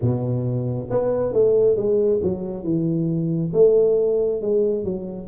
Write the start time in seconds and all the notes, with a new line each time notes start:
0.01 B2
0.90 B3
1.32 A3
1.76 G#3
2.22 F#3
2.63 E3
3.53 A3
4.41 G#3
4.84 F#3